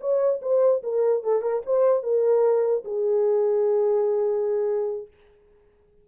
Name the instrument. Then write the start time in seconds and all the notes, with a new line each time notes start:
horn
0.00 C#5
0.42 C5
0.83 A#4
1.23 A4
1.42 A#4
1.66 C5
2.03 A#4
2.84 G#4